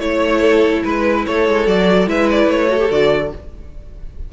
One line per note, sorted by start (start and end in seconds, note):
0.00 0.83 A3
0.00 1.66 E4
0.00 0.84 C#5
0.00 0.42 C#5
0.42 0.84 A4
0.84 1.27 G#3
0.84 1.26 B4
1.27 1.49 A3
1.27 2.09 A4
1.27 1.67 C#5
1.49 1.68 G#3
1.66 2.08 F#3
1.66 2.07 F#4
1.66 2.09 D5
2.07 2.47 G#3
2.07 2.69 E4
2.07 2.70 B4
2.07 2.30 E5
2.31 2.51 D5
2.47 2.89 A3
2.47 2.91 C#5
2.69 2.79 F#4
2.69 3.33 A4
2.80 2.90 G4
2.90 3.33 D3
2.90 3.32 F#4
2.90 3.33 D5